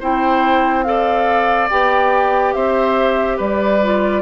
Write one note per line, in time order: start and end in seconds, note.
0.00 1.70 C4
0.00 0.85 E4
0.00 0.85 C5
0.00 0.83 G5
0.83 1.70 A4
0.83 2.55 D5
0.83 1.68 F5
1.70 2.55 B3
1.70 3.82 G4
1.70 2.54 G5
2.54 3.39 C4
2.54 3.37 C5
2.54 3.38 E5
3.37 4.23 G3
3.37 4.22 B4
3.37 4.23 D5
3.83 4.23 F4